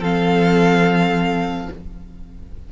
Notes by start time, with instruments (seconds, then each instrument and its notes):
0.00 cello F3, viola C4, violin A4 F5